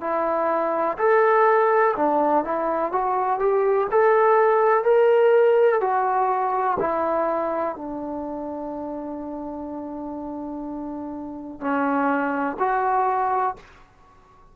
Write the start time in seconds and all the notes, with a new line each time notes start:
0.00 E4
0.98 A4
1.96 D4
2.44 E4
2.92 F#4
3.39 G4
3.91 A4
4.84 A#4
5.81 F#4
6.79 E4
7.75 D4
11.60 C#4
12.59 F#4